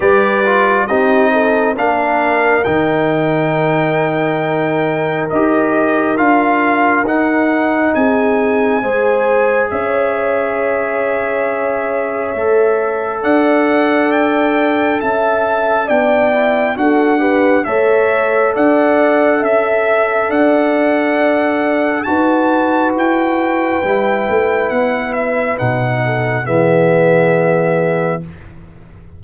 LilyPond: <<
  \new Staff \with { instrumentName = "trumpet" } { \time 4/4 \tempo 4 = 68 d''4 dis''4 f''4 g''4~ | g''2 dis''4 f''4 | fis''4 gis''2 e''4~ | e''2. fis''4 |
g''4 a''4 g''4 fis''4 | e''4 fis''4 e''4 fis''4~ | fis''4 a''4 g''2 | fis''8 e''8 fis''4 e''2 | }
  \new Staff \with { instrumentName = "horn" } { \time 4/4 b'4 g'8 a'8 ais'2~ | ais'1~ | ais'4 gis'4 c''4 cis''4~ | cis''2. d''4~ |
d''4 e''4 d''4 a'8 b'8 | cis''4 d''4 e''4 d''4~ | d''4 b'2.~ | b'4. a'8 gis'2 | }
  \new Staff \with { instrumentName = "trombone" } { \time 4/4 g'8 f'8 dis'4 d'4 dis'4~ | dis'2 g'4 f'4 | dis'2 gis'2~ | gis'2 a'2~ |
a'2 d'8 e'8 fis'8 g'8 | a'1~ | a'4 fis'2 e'4~ | e'4 dis'4 b2 | }
  \new Staff \with { instrumentName = "tuba" } { \time 4/4 g4 c'4 ais4 dis4~ | dis2 dis'4 d'4 | dis'4 c'4 gis4 cis'4~ | cis'2 a4 d'4~ |
d'4 cis'4 b4 d'4 | a4 d'4 cis'4 d'4~ | d'4 dis'4 e'4 g8 a8 | b4 b,4 e2 | }
>>